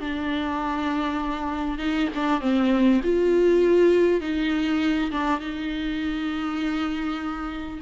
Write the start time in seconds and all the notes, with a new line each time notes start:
0.00 D4
1.78 D#4
2.14 D4
2.40 C4
3.03 F4
4.21 D#4
5.11 D4
5.40 D#4